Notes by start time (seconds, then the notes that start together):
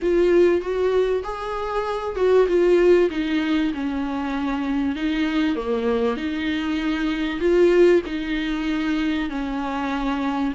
0.01 F4
0.61 F#4
1.23 G#4
2.15 F#4
2.47 F4
3.10 D#4
3.74 C#4
4.95 D#4
5.55 A#3
6.16 D#4
7.39 F4
8.06 D#4
9.29 C#4